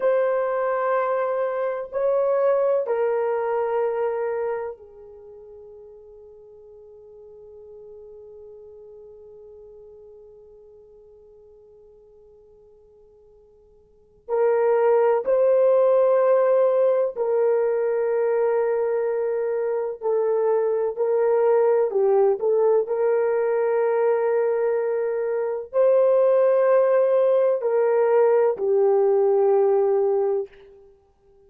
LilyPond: \new Staff \with { instrumentName = "horn" } { \time 4/4 \tempo 4 = 63 c''2 cis''4 ais'4~ | ais'4 gis'2.~ | gis'1~ | gis'2. ais'4 |
c''2 ais'2~ | ais'4 a'4 ais'4 g'8 a'8 | ais'2. c''4~ | c''4 ais'4 g'2 | }